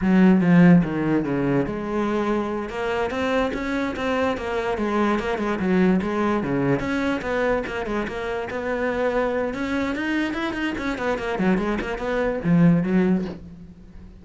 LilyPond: \new Staff \with { instrumentName = "cello" } { \time 4/4 \tempo 4 = 145 fis4 f4 dis4 cis4 | gis2~ gis8 ais4 c'8~ | c'8 cis'4 c'4 ais4 gis8~ | gis8 ais8 gis8 fis4 gis4 cis8~ |
cis8 cis'4 b4 ais8 gis8 ais8~ | ais8 b2~ b8 cis'4 | dis'4 e'8 dis'8 cis'8 b8 ais8 fis8 | gis8 ais8 b4 f4 fis4 | }